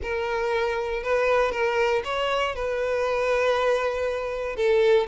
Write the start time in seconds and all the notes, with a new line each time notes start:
0.02 A#4
1.03 B4
1.51 A#4
2.04 C#5
2.55 B4
4.56 A4